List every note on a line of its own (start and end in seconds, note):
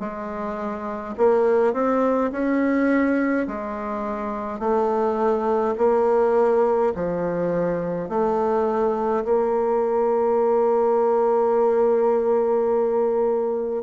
0.00 1.15 G#3
1.17 1.74 A#3
1.74 2.31 C4
2.32 3.47 C#4
3.48 4.59 G#3
4.59 5.75 A3
5.78 6.93 A#3
6.95 8.09 F3
8.09 9.24 A3
9.25 13.83 A#3